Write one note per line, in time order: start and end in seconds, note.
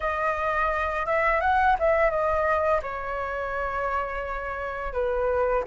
0.00 1.06 D#5
1.06 1.41 E5
1.41 1.76 F#5
1.79 2.10 E5
2.10 2.80 D#5
2.82 4.93 C#5
4.93 5.63 B4